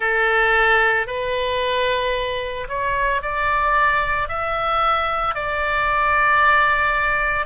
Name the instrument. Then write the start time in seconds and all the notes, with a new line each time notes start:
oboe
0.00 A4
1.07 B4
2.68 C#5
3.21 D5
4.28 E5
5.34 D5